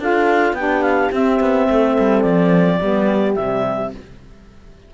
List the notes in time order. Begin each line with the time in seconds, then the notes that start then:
0.00 D4 F4 A4 F5
0.53 B3 D4 G5
0.59 G4
0.83 F5
1.12 C4 E5
1.40 B3
1.70 A3 A4
1.99 G3
2.22 F3 D5
2.80 G3 B3 G4
3.35 C3 G3 E5